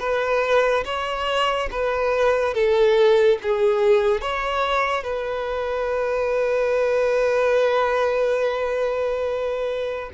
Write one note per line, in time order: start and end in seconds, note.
0.00 0.85 B4
0.85 1.70 C#5
1.72 2.54 B4
2.54 3.39 A4
3.43 4.21 G#4
4.21 5.04 C#5
5.04 10.11 B4